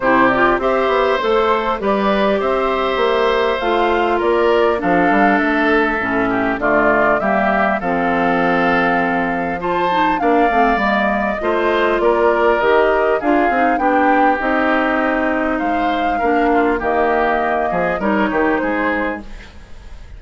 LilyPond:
<<
  \new Staff \with { instrumentName = "flute" } { \time 4/4 \tempo 4 = 100 c''8 d''8 e''4 c''4 d''4 | e''2 f''4 d''4 | f''4 e''2 d''4 | e''4 f''2. |
a''4 f''4 dis''2 | d''4 dis''4 f''4 g''4 | dis''2 f''2 | dis''2 cis''4 c''4 | }
  \new Staff \with { instrumentName = "oboe" } { \time 4/4 g'4 c''2 b'4 | c''2. ais'4 | a'2~ a'8 g'8 f'4 | g'4 a'2. |
c''4 d''2 c''4 | ais'2 gis'4 g'4~ | g'2 c''4 ais'8 f'8 | g'4. gis'8 ais'8 g'8 gis'4 | }
  \new Staff \with { instrumentName = "clarinet" } { \time 4/4 e'8 f'8 g'4 a'4 g'4~ | g'2 f'2 | d'2 cis'4 a4 | ais4 c'2. |
f'8 dis'8 d'8 c'8 ais4 f'4~ | f'4 g'4 f'8 dis'8 d'4 | dis'2. d'4 | ais2 dis'2 | }
  \new Staff \with { instrumentName = "bassoon" } { \time 4/4 c4 c'8 b8 a4 g4 | c'4 ais4 a4 ais4 | f8 g8 a4 a,4 d4 | g4 f2.~ |
f4 ais8 a8 g4 a4 | ais4 dis4 d'8 c'8 b4 | c'2 gis4 ais4 | dis4. f8 g8 dis8 gis4 | }
>>